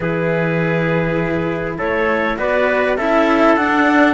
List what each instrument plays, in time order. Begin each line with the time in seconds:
0.00 cello E3 E4, trumpet G#4, clarinet B4
1.78 cello A3, trumpet A4, clarinet C#5
2.37 cello B3 F#4, trumpet B4, clarinet D5
2.97 cello C#4 E4, trumpet A4, clarinet E5
3.56 cello D4, clarinet F#5